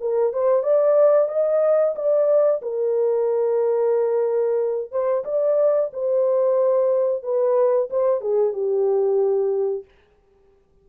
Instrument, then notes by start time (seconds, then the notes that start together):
horn
0.00 A#4
0.33 C5
0.63 D5
1.28 D#5
1.95 D5
2.62 A#4
4.91 C5
5.25 D5
5.93 C5
7.23 B4
7.90 C5
8.21 G#4
8.53 G4